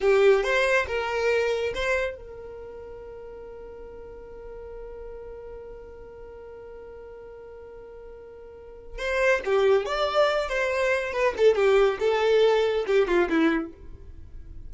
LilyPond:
\new Staff \with { instrumentName = "violin" } { \time 4/4 \tempo 4 = 140 g'4 c''4 ais'2 | c''4 ais'2.~ | ais'1~ | ais'1~ |
ais'1~ | ais'4 c''4 g'4 d''4~ | d''8 c''4. b'8 a'8 g'4 | a'2 g'8 f'8 e'4 | }